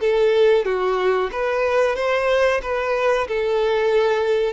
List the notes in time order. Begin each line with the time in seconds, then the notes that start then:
0.00 A4
0.65 F#4
1.32 B4
1.96 C5
2.62 B4
3.28 A4